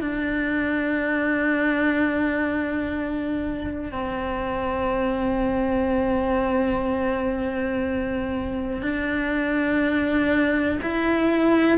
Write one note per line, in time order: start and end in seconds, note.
0.00 3.92 D4
3.92 8.82 C4
8.82 10.78 D4
10.82 11.78 E4